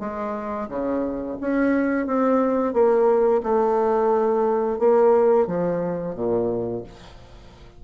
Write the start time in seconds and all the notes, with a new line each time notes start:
0.00 G#3
0.69 C#3
1.41 C#4
2.07 C4
2.73 A#3
3.43 A3
4.79 A#3
5.47 F3
6.15 A#2